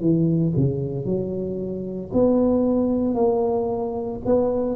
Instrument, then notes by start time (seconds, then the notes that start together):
tuba
0.00 E3
0.56 C#3
1.05 F#3
2.13 B3
3.14 A#3
4.25 B3